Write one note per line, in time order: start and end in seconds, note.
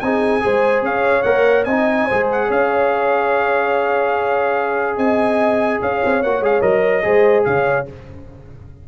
0.00 0.44 C4
0.00 0.40 D#4
0.00 0.44 G#4
0.00 0.83 G#5
0.40 0.82 G#3
0.40 1.23 G#4
0.40 0.85 C5
0.82 1.24 C#4
0.82 1.66 C#5
0.82 1.23 F5
1.23 1.66 A#3
1.23 1.67 A#4
1.23 1.64 F#5
1.64 2.07 C4
1.64 2.05 D#5
1.64 2.26 G#5
1.71 2.11 D#4
2.05 6.25 G#4
2.05 2.47 C5
2.12 2.50 G#3
2.32 2.51 F#5
2.48 4.97 C#4
2.48 4.96 C#5
2.48 4.98 F5
4.97 5.80 C4
4.97 5.80 D#5
4.97 5.81 G#5
5.82 6.02 C#4
5.82 7.05 C#5
5.82 6.23 F5
6.05 6.24 C4
6.23 6.40 A#3
6.23 6.43 F#4
6.23 6.44 F#5
6.40 6.61 G#3
6.40 6.62 G#4
6.40 6.62 F5
6.62 7.04 F#3
6.62 7.03 A#4
6.62 7.45 D#5
7.03 7.46 G#3
7.03 7.86 G#4
7.03 7.47 C5
7.45 7.88 C#3
7.45 7.89 C#5
7.45 7.86 F5